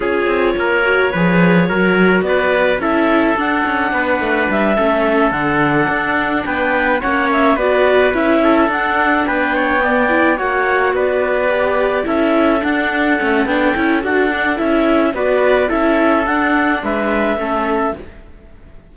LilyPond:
<<
  \new Staff \with { instrumentName = "clarinet" } { \time 4/4 \tempo 4 = 107 cis''1 | d''4 e''4 fis''2 | e''4. fis''2 g''8~ | g''8 fis''8 e''8 d''4 e''4 fis''8~ |
fis''8 g''2 fis''4 d''8~ | d''4. e''4 fis''4. | g''4 fis''4 e''4 d''4 | e''4 fis''4 e''2 | }
  \new Staff \with { instrumentName = "trumpet" } { \time 4/4 gis'4 ais'4 b'4 ais'4 | b'4 a'2 b'4~ | b'8 a'2. b'8~ | b'8 cis''4 b'4. a'4~ |
a'8 b'8 cis''8 d''4 cis''4 b'8~ | b'4. a'2~ a'8~ | a'2. b'4 | a'2 b'4 a'4 | }
  \new Staff \with { instrumentName = "viola" } { \time 4/4 f'4. fis'8 gis'4 fis'4~ | fis'4 e'4 d'2~ | d'8 cis'4 d'2~ d'8~ | d'8 cis'4 fis'4 e'4 d'8~ |
d'4. b8 e'8 fis'4.~ | fis'8 g'4 e'4 d'4 cis'8 | d'8 e'8 fis'8 d'8 e'4 fis'4 | e'4 d'2 cis'4 | }
  \new Staff \with { instrumentName = "cello" } { \time 4/4 cis'8 c'8 ais4 f4 fis4 | b4 cis'4 d'8 cis'8 b8 a8 | g8 a4 d4 d'4 b8~ | b8 ais4 b4 cis'4 d'8~ |
d'8 b2 ais4 b8~ | b4. cis'4 d'4 a8 | b8 cis'8 d'4 cis'4 b4 | cis'4 d'4 gis4 a4 | }
>>